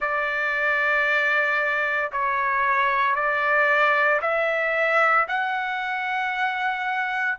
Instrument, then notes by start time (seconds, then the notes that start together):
trumpet
0.00 D5
2.11 C#5
3.15 D5
4.21 E5
5.28 F#5